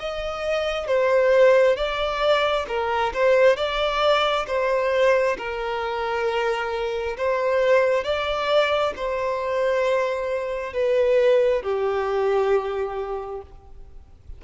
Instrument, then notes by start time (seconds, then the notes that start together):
violin
0.00 D#5
0.88 C5
1.77 D5
2.69 A#4
3.14 C5
3.57 D5
4.47 C5
5.38 A#4
7.18 C5
8.05 D5
8.96 C5
10.73 B4
11.63 G4